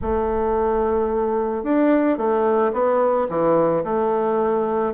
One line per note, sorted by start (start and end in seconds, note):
0.01 1.63 A3
1.63 2.17 D4
2.17 2.71 A3
2.72 3.27 B3
3.29 3.83 E3
3.84 4.93 A3